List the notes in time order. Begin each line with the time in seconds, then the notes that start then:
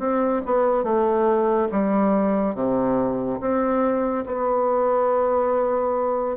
0.00 C4
0.46 B3
0.84 A3
1.72 G3
2.55 C3
3.41 C4
4.26 B3